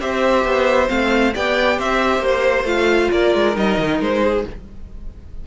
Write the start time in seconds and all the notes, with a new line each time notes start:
0.00 C4 G4 C5 E5
0.44 B3
0.87 A3 C4 F5
1.34 B3 G4 D5 G5
1.78 C4 C5 E5
2.19 A#3 C5
2.63 A3 F4 F5
3.11 A#3 A#4 D5
3.34 G#3
3.55 G3 D#4 D#5
3.78 D#3
4.00 G#3 C5
4.23 G#4